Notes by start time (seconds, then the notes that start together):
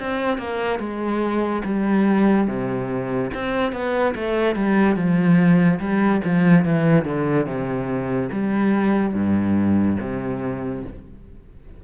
0.00 C4
0.39 A#3
0.80 G#3
1.65 G3
2.48 C3
3.34 C4
3.73 B3
4.16 A3
4.56 G3
4.96 F3
5.80 G3
6.25 F3
6.65 E3
7.05 D3
7.46 C3
8.32 G3
9.14 G2
10.00 C3